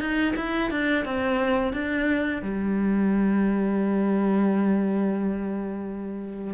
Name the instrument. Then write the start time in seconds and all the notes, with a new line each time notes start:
cello
0.00 D#4
0.36 E4
0.71 D4
1.05 C4
1.73 D4
2.42 G3